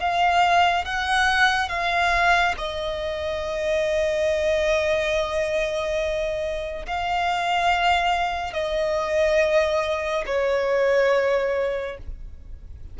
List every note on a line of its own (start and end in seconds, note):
0.00 0.85 F5
0.85 1.69 F#5
1.69 2.54 F5
2.58 6.86 D#5
6.86 8.53 F5
8.53 10.24 D#5
10.26 11.97 C#5